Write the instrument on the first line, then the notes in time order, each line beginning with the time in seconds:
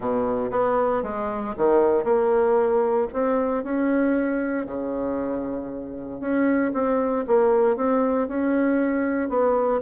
bassoon
0.00 B2
0.51 B3
1.03 G#3
1.57 D#3
2.04 A#3
3.13 C4
3.63 C#4
4.66 C#3
6.20 C#4
6.73 C4
7.27 A#3
7.76 C4
8.28 C#4
9.29 B3